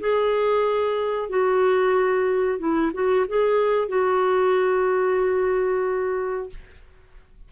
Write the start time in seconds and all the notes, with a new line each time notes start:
0.00 G#4
1.29 F#4
2.59 E4
2.93 F#4
3.28 G#4
3.89 F#4